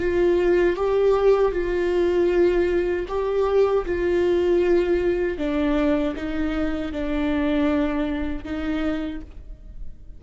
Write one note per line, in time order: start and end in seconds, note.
0.00 0.77 F4
0.77 1.52 G4
1.52 3.06 F4
3.08 3.85 G4
3.86 5.38 F4
5.38 6.15 D4
6.16 6.93 D#4
6.93 8.45 D4
8.45 9.22 D#4